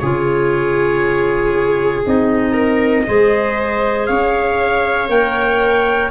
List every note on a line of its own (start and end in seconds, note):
0.00 2.06 C#3
0.00 2.06 F4
0.00 2.53 G#4
0.00 2.03 C#5
2.06 3.08 C4
2.06 3.06 D#4
2.06 4.07 D#5
2.53 3.04 A#4
3.06 4.10 G#3
3.06 5.09 G#4
3.06 4.09 C5
4.07 5.10 C#4
4.07 6.12 C#5
4.07 5.08 F5
5.09 6.11 A#3
5.09 6.11 A#4
5.09 6.12 G5